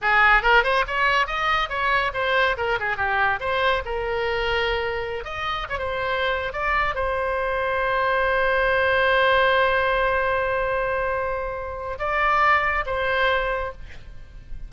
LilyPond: \new Staff \with { instrumentName = "oboe" } { \time 4/4 \tempo 4 = 140 gis'4 ais'8 c''8 cis''4 dis''4 | cis''4 c''4 ais'8 gis'8 g'4 | c''4 ais'2.~ | ais'16 dis''4 cis''16 c''4.~ c''16 d''8.~ |
d''16 c''2.~ c''8.~ | c''1~ | c''1 | d''2 c''2 | }